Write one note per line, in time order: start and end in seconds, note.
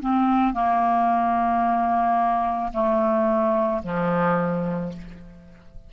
0.00 0.53 C4
0.53 2.71 A#3
2.73 3.82 A3
3.83 4.92 F3